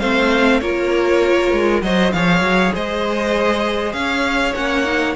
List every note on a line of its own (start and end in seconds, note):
0.00 0.62 A3
0.00 0.62 C4
0.00 0.61 C5
0.00 0.61 F5
0.61 1.53 A#3
0.61 1.83 F4
0.61 1.84 A#4
0.61 1.82 C#5
1.53 1.83 G#3
1.82 2.13 F#3
1.82 2.14 F#4
1.82 2.15 C5
1.82 2.13 D#5
2.13 2.41 F3
2.13 4.56 G#4
2.13 2.74 C#5
2.13 2.73 F5
2.41 2.72 F#3
2.74 3.94 G#3
2.74 3.96 C5
2.74 3.93 D#5
3.93 4.54 C#4
3.93 5.16 C#5
3.93 4.54 F5
4.55 5.16 A#3
4.55 4.85 C#4
4.55 5.16 F#5
4.85 5.15 D#4